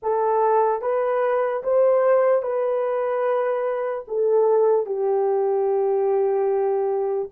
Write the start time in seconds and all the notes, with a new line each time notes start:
0.02 A4
0.81 B4
1.63 C5
2.42 B4
4.07 A4
4.86 G4